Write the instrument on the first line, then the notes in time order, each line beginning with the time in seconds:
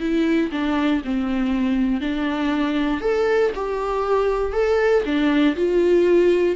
viola
0.00 E4
0.52 D4
1.04 C4
2.01 D4
3.01 A4
3.55 G4
4.53 A4
5.05 D4
5.56 F4